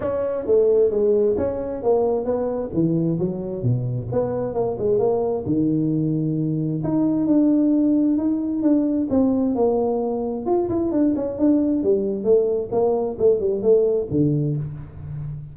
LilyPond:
\new Staff \with { instrumentName = "tuba" } { \time 4/4 \tempo 4 = 132 cis'4 a4 gis4 cis'4 | ais4 b4 e4 fis4 | b,4 b4 ais8 gis8 ais4 | dis2. dis'4 |
d'2 dis'4 d'4 | c'4 ais2 f'8 e'8 | d'8 cis'8 d'4 g4 a4 | ais4 a8 g8 a4 d4 | }